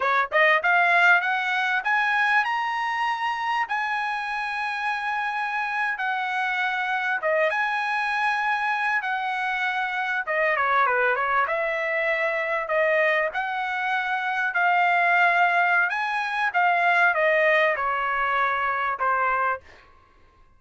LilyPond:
\new Staff \with { instrumentName = "trumpet" } { \time 4/4 \tempo 4 = 98 cis''8 dis''8 f''4 fis''4 gis''4 | ais''2 gis''2~ | gis''4.~ gis''16 fis''2 dis''16~ | dis''16 gis''2~ gis''8 fis''4~ fis''16~ |
fis''8. dis''8 cis''8 b'8 cis''8 e''4~ e''16~ | e''8. dis''4 fis''2 f''16~ | f''2 gis''4 f''4 | dis''4 cis''2 c''4 | }